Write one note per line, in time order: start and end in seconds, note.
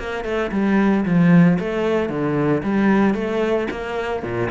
0.00 0.25 A#3
0.25 0.51 A3
0.52 1.05 G3
1.06 1.59 F3
1.60 2.10 A3
2.10 2.63 D3
2.64 3.15 G3
3.15 3.68 A3
3.71 4.24 A#3
4.24 4.50 A#2